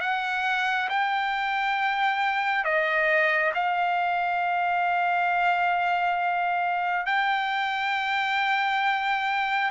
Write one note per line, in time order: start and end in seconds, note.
0.00 0.88 F#5
0.89 2.64 G5
2.64 3.52 D#5
3.54 7.05 F5
7.05 9.70 G5